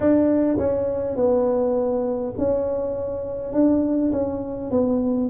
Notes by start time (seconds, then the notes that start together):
0.00 D4
0.58 C#4
1.16 B3
2.38 C#4
3.52 D4
4.12 C#4
4.71 B3